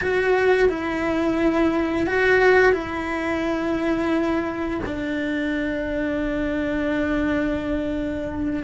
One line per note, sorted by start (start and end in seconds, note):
0.01 0.69 F#4
0.69 2.07 E4
2.07 2.72 F#4
2.72 4.79 E4
4.85 8.63 D4